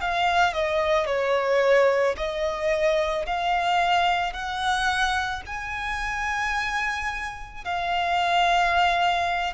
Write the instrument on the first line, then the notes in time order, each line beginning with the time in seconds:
violin
0.00 F5
0.53 D#5
1.06 C#5
2.17 D#5
3.26 F5
4.32 F#5
5.46 G#5
7.64 F5